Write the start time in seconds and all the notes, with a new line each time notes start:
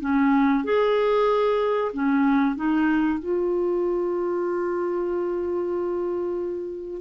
0.00 C#4
0.64 G#4
1.93 C#4
2.56 D#4
3.19 F4